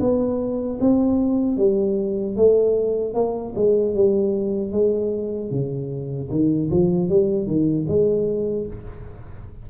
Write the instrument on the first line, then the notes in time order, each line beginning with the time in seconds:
tuba
0.00 B3
0.80 C4
1.58 G3
2.36 A3
3.15 A#3
3.56 G#3
3.95 G3
4.72 G#3
5.51 C#3
6.31 D#3
6.71 F3
7.09 G3
7.47 D#3
7.88 G#3